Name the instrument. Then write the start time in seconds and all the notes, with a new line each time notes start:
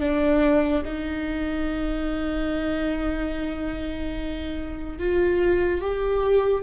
viola
0.00 D4
0.84 D#4
4.99 F4
5.81 G4